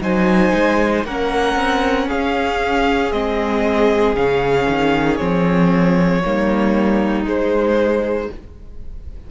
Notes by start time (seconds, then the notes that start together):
0.00 F#3 D#4 C5 G#5
0.53 G#3
1.05 A#3 C#4 A#4 F#5
1.55 C4
2.07 C#4 G#4 F5
3.11 G#3 C4 D#5
4.14 C#3 C#4 F5
4.68 D#3
5.16 F3 C4 C#5
6.24 G3 A#3 D#4
7.25 G#3 C5